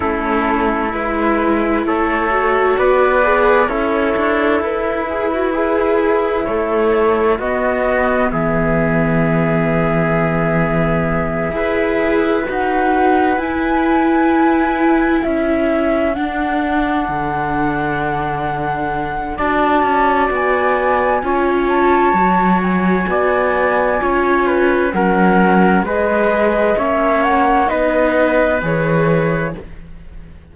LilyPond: <<
  \new Staff \with { instrumentName = "flute" } { \time 4/4 \tempo 4 = 65 a'4 b'4 cis''4 d''4 | cis''4 b'2 cis''4 | dis''4 e''2.~ | e''4. fis''4 gis''4.~ |
gis''8 e''4 fis''2~ fis''8~ | fis''4 a''4 gis''4. a''8~ | a''8 gis''2~ gis''8 fis''4 | dis''4 e''8 fis''8 dis''4 cis''4 | }
  \new Staff \with { instrumentName = "trumpet" } { \time 4/4 e'2 a'4 b'4 | e'1 | fis'4 gis'2.~ | gis'8 b'2.~ b'8~ |
b'8 a'2.~ a'8~ | a'4 d''2 cis''4~ | cis''4 d''4 cis''8 b'8 ais'4 | b'4 cis''4 b'2 | }
  \new Staff \with { instrumentName = "viola" } { \time 4/4 cis'4 e'4. fis'4 gis'8 | a'4. gis'16 fis'16 gis'4 a'4 | b1~ | b8 gis'4 fis'4 e'4.~ |
e'4. d'2~ d'8~ | d'4 fis'2 f'4 | fis'2 f'4 cis'4 | gis'4 cis'4 dis'4 gis'4 | }
  \new Staff \with { instrumentName = "cello" } { \time 4/4 a4 gis4 a4 b4 | cis'8 d'8 e'2 a4 | b4 e2.~ | e8 e'4 dis'4 e'4.~ |
e'8 cis'4 d'4 d4.~ | d4 d'8 cis'8 b4 cis'4 | fis4 b4 cis'4 fis4 | gis4 ais4 b4 e4 | }
>>